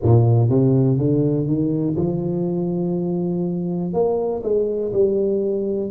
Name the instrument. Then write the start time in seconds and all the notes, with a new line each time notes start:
tuba
0.03 A#2
0.49 C3
0.97 D3
1.46 D#3
1.96 F3
3.93 A#3
4.43 G#3
4.92 G3